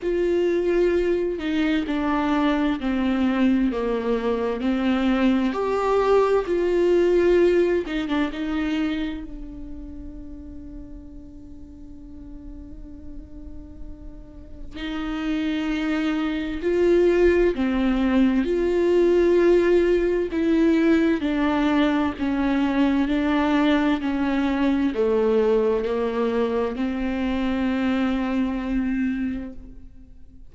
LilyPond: \new Staff \with { instrumentName = "viola" } { \time 4/4 \tempo 4 = 65 f'4. dis'8 d'4 c'4 | ais4 c'4 g'4 f'4~ | f'8 dis'16 d'16 dis'4 d'2~ | d'1 |
dis'2 f'4 c'4 | f'2 e'4 d'4 | cis'4 d'4 cis'4 a4 | ais4 c'2. | }